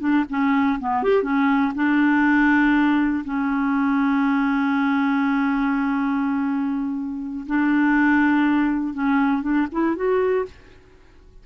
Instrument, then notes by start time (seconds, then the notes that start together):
clarinet
0.00 D4
0.29 C#4
0.80 B3
1.03 G4
1.23 C#4
1.75 D4
3.25 C#4
7.47 D4
8.94 C#4
9.42 D4
9.72 E4
9.96 F#4